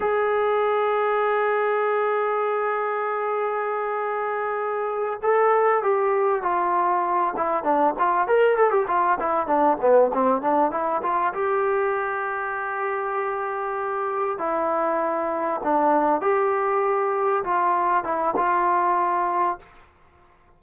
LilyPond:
\new Staff \with { instrumentName = "trombone" } { \time 4/4 \tempo 4 = 98 gis'1~ | gis'1~ | gis'8 a'4 g'4 f'4. | e'8 d'8 f'8 ais'8 a'16 g'16 f'8 e'8 d'8 |
b8 c'8 d'8 e'8 f'8 g'4.~ | g'2.~ g'8 e'8~ | e'4. d'4 g'4.~ | g'8 f'4 e'8 f'2 | }